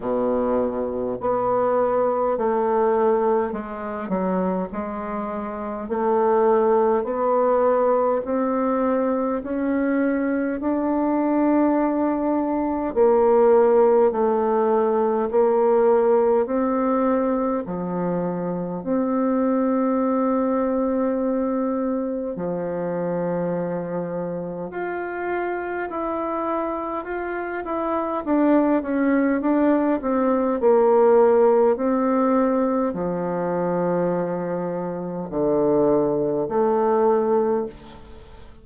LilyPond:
\new Staff \with { instrumentName = "bassoon" } { \time 4/4 \tempo 4 = 51 b,4 b4 a4 gis8 fis8 | gis4 a4 b4 c'4 | cis'4 d'2 ais4 | a4 ais4 c'4 f4 |
c'2. f4~ | f4 f'4 e'4 f'8 e'8 | d'8 cis'8 d'8 c'8 ais4 c'4 | f2 d4 a4 | }